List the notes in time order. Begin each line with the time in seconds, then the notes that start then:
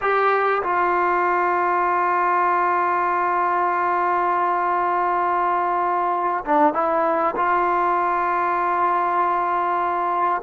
0.01 G4
0.62 F4
6.45 D4
6.73 E4
7.36 F4